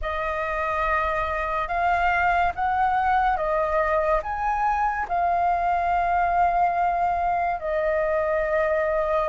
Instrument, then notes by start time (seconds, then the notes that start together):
flute
0.01 D#5
1.67 F5
2.55 F#5
3.36 D#5
4.23 G#5
5.08 F5
7.59 D#5